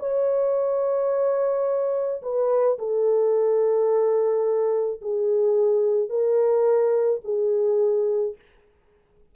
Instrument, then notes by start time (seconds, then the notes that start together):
horn
0.00 C#5
2.23 B4
2.79 A4
5.02 G#4
6.10 A#4
7.25 G#4